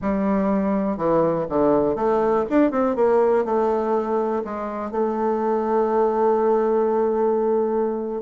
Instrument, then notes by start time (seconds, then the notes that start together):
bassoon
0.01 G3
0.97 E3
1.49 D3
1.95 A3
2.49 D4
2.71 C4
2.95 A#3
3.44 A3
4.44 G#3
4.91 A3